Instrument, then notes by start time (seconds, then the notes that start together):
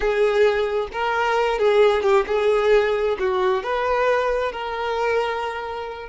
violin
0.00 G#4
0.92 A#4
1.58 G#4
2.02 G4
2.26 G#4
3.19 F#4
3.63 B4
4.51 A#4